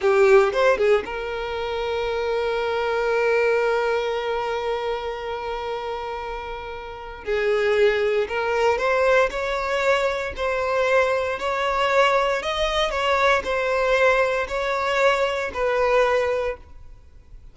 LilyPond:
\new Staff \with { instrumentName = "violin" } { \time 4/4 \tempo 4 = 116 g'4 c''8 gis'8 ais'2~ | ais'1~ | ais'1~ | ais'2 gis'2 |
ais'4 c''4 cis''2 | c''2 cis''2 | dis''4 cis''4 c''2 | cis''2 b'2 | }